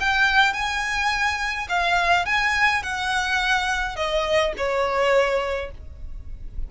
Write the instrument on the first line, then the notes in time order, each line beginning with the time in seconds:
violin
0.00 G5
0.54 G#5
1.69 F5
2.26 G#5
2.83 F#5
3.96 D#5
4.57 C#5